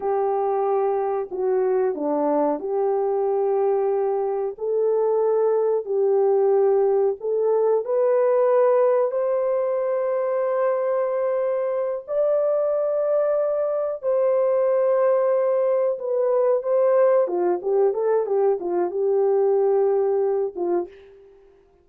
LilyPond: \new Staff \with { instrumentName = "horn" } { \time 4/4 \tempo 4 = 92 g'2 fis'4 d'4 | g'2. a'4~ | a'4 g'2 a'4 | b'2 c''2~ |
c''2~ c''8 d''4.~ | d''4. c''2~ c''8~ | c''8 b'4 c''4 f'8 g'8 a'8 | g'8 f'8 g'2~ g'8 f'8 | }